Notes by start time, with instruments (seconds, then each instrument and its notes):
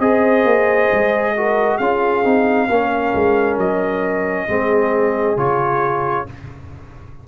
0.00 tuba C4, trombone G#4, horn C5, trumpet D#5
0.45 tuba A#3
0.93 tuba G#3
1.37 trombone F#4, horn A#4
1.77 tuba C#4, trombone F4, horn G#4, trumpet F5
2.25 tuba C4, trombone D#4
2.69 tuba A#3, trombone C#4, horn A#4
3.15 tuba G#3
3.58 tuba F#3, trumpet D#5
4.49 tuba G#3, trombone C4, horn G#4
5.37 tuba C#3, trombone F4, trumpet C#5